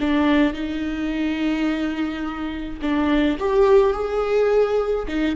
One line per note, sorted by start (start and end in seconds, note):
0.00 0.54 D4
0.54 2.80 D#4
2.82 3.38 D4
3.39 3.93 G4
3.93 5.06 G#4
5.08 5.36 D#4